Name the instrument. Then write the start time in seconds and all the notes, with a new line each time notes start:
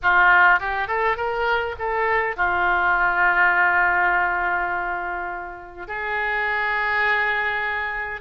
oboe
0.02 F4
0.59 G4
0.87 A4
1.16 A#4
1.78 A4
2.36 F4
5.87 G#4